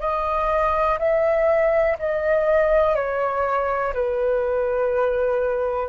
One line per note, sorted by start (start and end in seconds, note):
0.00 0.98 D#5
0.99 1.97 E5
1.99 2.95 D#5
2.95 3.93 C#5
3.93 5.88 B4